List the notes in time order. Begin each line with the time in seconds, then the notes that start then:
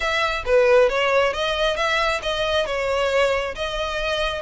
0.00 E5
0.45 B4
0.89 C#5
1.33 D#5
1.76 E5
2.22 D#5
2.65 C#5
3.55 D#5